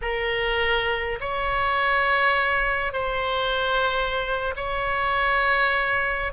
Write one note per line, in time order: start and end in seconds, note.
0.01 1.19 A#4
1.20 2.93 C#5
2.93 4.54 C5
4.56 6.32 C#5